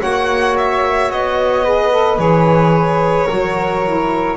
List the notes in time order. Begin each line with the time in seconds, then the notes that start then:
0.00 A#3 F#4 C#5 F#5
0.58 E5
1.11 B3 D#5
1.65 G#4 B4
1.91 A4
2.18 E3 G#4 C#5
3.27 F#3 F#4 A#4
3.85 E4